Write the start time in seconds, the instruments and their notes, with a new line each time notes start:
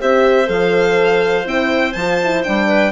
0.00 bassoon C4, horn G4, clarinet C5, violin E5
0.47 bassoon F3, horn A4, violin F5
1.45 bassoon C4, horn E4, violin G5
1.93 bassoon F3, horn F4, violin A5
2.24 horn E4
2.44 bassoon G3, horn D4, violin G5
2.68 clarinet B4